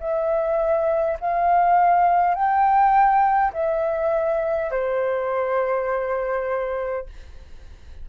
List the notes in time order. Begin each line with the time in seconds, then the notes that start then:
0.00 E5
1.20 F5
2.35 G5
3.53 E5
4.71 C5